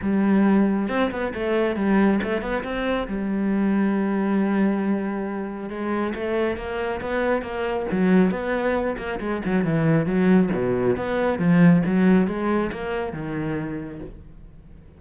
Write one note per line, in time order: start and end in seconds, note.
0.01 0.88 G3
0.88 1.10 C4
1.11 1.33 B3
1.34 1.76 A3
1.76 2.19 G3
2.23 2.41 A3
2.41 2.63 B3
2.63 3.07 C4
3.07 5.69 G3
5.69 6.13 G#3
6.14 6.57 A3
6.57 7.00 A#3
7.01 7.42 B3
7.42 7.86 A#3
7.91 8.30 F#3
8.30 8.96 B3
8.97 9.19 A#3
9.20 9.42 G#3
9.45 9.64 F#3
9.64 10.06 E3
10.06 10.49 F#3
10.52 10.96 B2
10.96 11.38 B3
11.38 11.82 F3
11.85 12.27 F#3
12.27 12.71 G#3
12.71 13.12 A#3
13.12 14.00 D#3